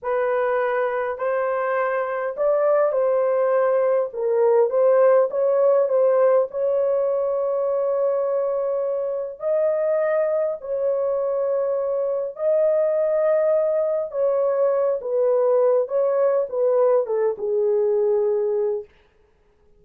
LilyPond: \new Staff \with { instrumentName = "horn" } { \time 4/4 \tempo 4 = 102 b'2 c''2 | d''4 c''2 ais'4 | c''4 cis''4 c''4 cis''4~ | cis''1 |
dis''2 cis''2~ | cis''4 dis''2. | cis''4. b'4. cis''4 | b'4 a'8 gis'2~ gis'8 | }